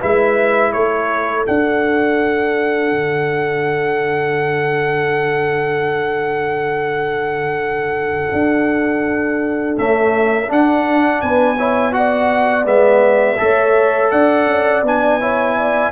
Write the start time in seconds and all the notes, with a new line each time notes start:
0.00 G#3 E4 B4 E5
0.72 A3 A4 C#5
1.45 D4 F#5
2.91 D3
8.33 D4
9.78 A3 C#4 E5
10.47 D4 F#5
11.21 B3 B4 G#5
11.57 E4 C#5
11.92 F#4 D5 F#5
12.64 G#3 B3 E5
13.38 A3 A4 C#5
14.11 D4 D5 F#5
14.47 C#4
14.82 B3 D4 G#5
15.20 E4 C#5
15.57 D5